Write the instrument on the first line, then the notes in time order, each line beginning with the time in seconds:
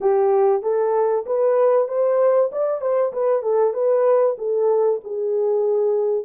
horn
0.00 G4
0.62 A4
1.26 B4
1.88 C5
2.52 D5
2.81 C5
3.12 B4
3.42 A4
3.73 B4
4.38 A4
5.03 G#4